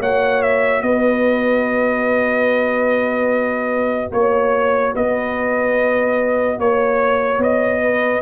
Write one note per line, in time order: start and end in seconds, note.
0.00 0.83 A#3
0.00 8.22 F#4
0.00 0.82 C#5
0.00 0.42 F#5
0.42 0.82 E5
0.82 4.11 B3
0.82 4.14 B4
0.82 4.11 D#5
4.12 4.94 A#3
4.12 4.95 C#5
4.12 4.94 C#5
4.94 6.58 B3
4.94 6.58 B4
4.94 6.60 D#5
6.58 7.38 A#3
6.58 7.42 C#5
6.58 7.82 C#5
7.38 8.20 B3
7.38 8.22 D#5
7.82 8.22 B4